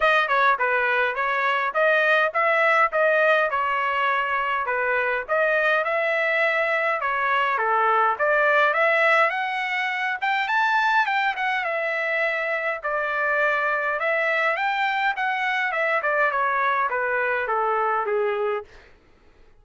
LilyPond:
\new Staff \with { instrumentName = "trumpet" } { \time 4/4 \tempo 4 = 103 dis''8 cis''8 b'4 cis''4 dis''4 | e''4 dis''4 cis''2 | b'4 dis''4 e''2 | cis''4 a'4 d''4 e''4 |
fis''4. g''8 a''4 g''8 fis''8 | e''2 d''2 | e''4 g''4 fis''4 e''8 d''8 | cis''4 b'4 a'4 gis'4 | }